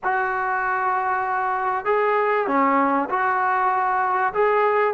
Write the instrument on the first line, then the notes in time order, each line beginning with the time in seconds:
trombone
0.03 F#4
1.85 G#4
2.47 C#4
3.09 F#4
4.33 G#4